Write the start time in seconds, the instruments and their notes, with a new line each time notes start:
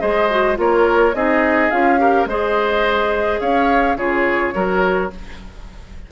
0.00 bassoon G#3, clarinet G#4, oboe C5, flute D#5
0.30 clarinet F#4
0.56 bassoon A#3, clarinet F4, oboe A#4, flute C#5
1.14 bassoon C4, clarinet D#4, oboe G#4, flute D#5
1.71 bassoon C#4, clarinet F4, flute F5
1.98 clarinet G4, oboe A#4
2.26 bassoon G#3, clarinet G#4, oboe C5, flute D#5
3.40 bassoon C#4, oboe C#5, flute F5
3.97 bassoon C#3, clarinet F4, oboe G#4, flute C#5
4.54 bassoon F#3, clarinet F#4, oboe A#4